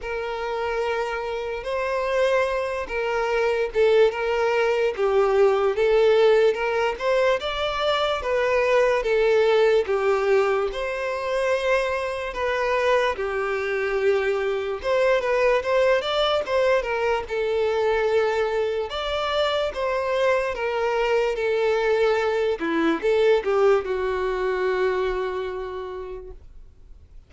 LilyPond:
\new Staff \with { instrumentName = "violin" } { \time 4/4 \tempo 4 = 73 ais'2 c''4. ais'8~ | ais'8 a'8 ais'4 g'4 a'4 | ais'8 c''8 d''4 b'4 a'4 | g'4 c''2 b'4 |
g'2 c''8 b'8 c''8 d''8 | c''8 ais'8 a'2 d''4 | c''4 ais'4 a'4. e'8 | a'8 g'8 fis'2. | }